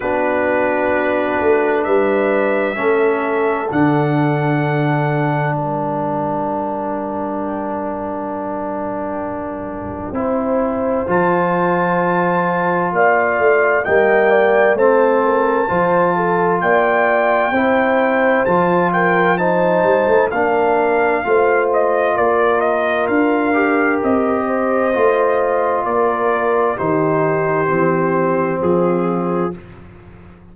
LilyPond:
<<
  \new Staff \with { instrumentName = "trumpet" } { \time 4/4 \tempo 4 = 65 b'2 e''2 | fis''2 g''2~ | g''1 | a''2 f''4 g''4 |
a''2 g''2 | a''8 g''8 a''4 f''4. dis''8 | d''8 dis''8 f''4 dis''2 | d''4 c''2 gis'4 | }
  \new Staff \with { instrumentName = "horn" } { \time 4/4 fis'2 b'4 a'4~ | a'2 ais'2~ | ais'2. c''4~ | c''2 d''4 dis''8 d''8 |
c''8 ais'8 c''8 a'8 d''4 c''4~ | c''8 ais'8 c''4 ais'4 c''4 | ais'2~ ais'8 c''4. | ais'4 g'2 f'4 | }
  \new Staff \with { instrumentName = "trombone" } { \time 4/4 d'2. cis'4 | d'1~ | d'2. e'4 | f'2. ais4 |
c'4 f'2 e'4 | f'4 dis'4 d'4 f'4~ | f'4. g'4. f'4~ | f'4 dis'4 c'2 | }
  \new Staff \with { instrumentName = "tuba" } { \time 4/4 b4. a8 g4 a4 | d2 g2~ | g2. c'4 | f2 ais8 a8 g4 |
a4 f4 ais4 c'4 | f4. g16 a16 ais4 a4 | ais4 d'4 c'4 a4 | ais4 dis4 e4 f4 | }
>>